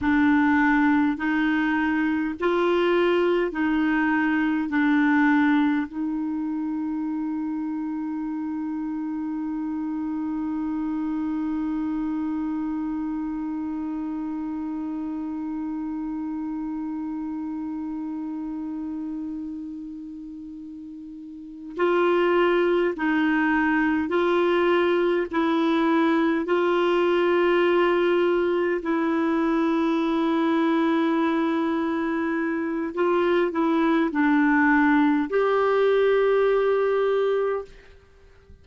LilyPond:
\new Staff \with { instrumentName = "clarinet" } { \time 4/4 \tempo 4 = 51 d'4 dis'4 f'4 dis'4 | d'4 dis'2.~ | dis'1~ | dis'1~ |
dis'2~ dis'8 f'4 dis'8~ | dis'8 f'4 e'4 f'4.~ | f'8 e'2.~ e'8 | f'8 e'8 d'4 g'2 | }